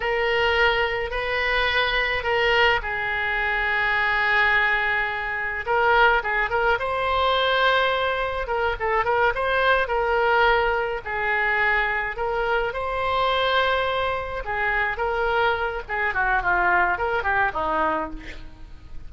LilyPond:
\new Staff \with { instrumentName = "oboe" } { \time 4/4 \tempo 4 = 106 ais'2 b'2 | ais'4 gis'2.~ | gis'2 ais'4 gis'8 ais'8 | c''2. ais'8 a'8 |
ais'8 c''4 ais'2 gis'8~ | gis'4. ais'4 c''4.~ | c''4. gis'4 ais'4. | gis'8 fis'8 f'4 ais'8 g'8 dis'4 | }